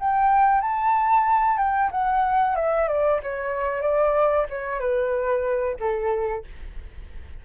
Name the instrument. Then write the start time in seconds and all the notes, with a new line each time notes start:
flute
0.00 G5
0.62 A5
1.58 G5
1.92 F#5
2.56 E5
2.89 D5
3.23 C#5
3.82 D5
4.50 C#5
4.80 B4
5.80 A4